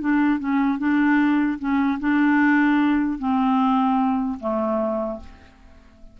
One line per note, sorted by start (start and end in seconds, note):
0.00 0.39 D4
0.39 0.78 C#4
0.78 1.58 D4
1.59 1.99 C#4
1.99 3.18 D4
3.18 4.38 C4
4.40 5.20 A3